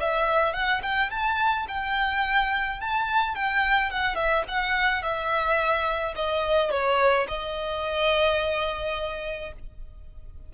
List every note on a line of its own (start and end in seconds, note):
0.00 0.53 E5
0.53 0.81 F#5
0.82 1.10 G5
1.10 1.66 A5
1.68 2.80 G5
2.80 3.35 A5
3.35 3.90 G5
3.90 4.15 F#5
4.15 4.43 E5
4.48 5.02 F#5
5.02 6.15 E5
6.16 6.71 D#5
6.71 7.27 C#5
7.28 9.52 D#5